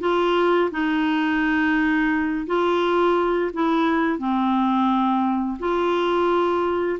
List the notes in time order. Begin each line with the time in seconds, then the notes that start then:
0.00 F4
0.71 D#4
2.46 F4
3.53 E4
4.18 C4
5.59 F4